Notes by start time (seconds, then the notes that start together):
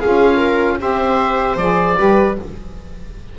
0.00 C#4 F4 G#4 F5
0.37 A#4
0.79 C4 G4 C5 E5
1.56 F3 G#4 D5
1.96 G3 G4 B4